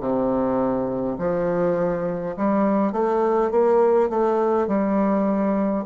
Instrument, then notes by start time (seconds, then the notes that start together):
bassoon
0.00 C3
1.18 F3
2.37 G3
2.93 A3
3.51 A#3
4.09 A3
4.67 G3